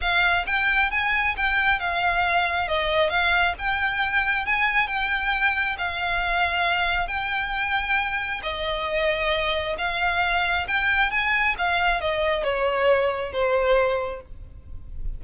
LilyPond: \new Staff \with { instrumentName = "violin" } { \time 4/4 \tempo 4 = 135 f''4 g''4 gis''4 g''4 | f''2 dis''4 f''4 | g''2 gis''4 g''4~ | g''4 f''2. |
g''2. dis''4~ | dis''2 f''2 | g''4 gis''4 f''4 dis''4 | cis''2 c''2 | }